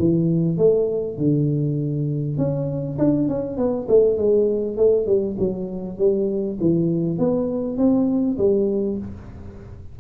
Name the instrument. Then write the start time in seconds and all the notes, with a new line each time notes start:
tuba
0.00 E3
0.58 A3
1.18 D3
2.38 C#4
2.99 D4
3.29 C#4
3.58 B3
3.89 A3
4.18 G#3
4.77 A3
5.07 G3
5.39 F#3
5.99 G3
6.61 E3
7.19 B3
7.78 C4
8.38 G3